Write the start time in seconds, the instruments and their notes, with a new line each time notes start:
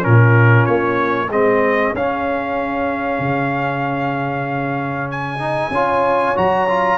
0.00 tuba A#2, trombone C#4, trumpet A#4
0.06 horn F4
0.65 tuba A#3, trumpet C#5
1.28 tuba G#3, trombone C4, horn G#4, trumpet D#5
1.94 tuba C#4, trombone C#4, trumpet F5
3.19 tuba C#3
5.11 trumpet G#5
5.39 trombone D#4
5.70 tuba C#4, trombone F4, horn C#5
6.35 tuba F#3, trombone F#4, trumpet A#5
6.68 trombone F4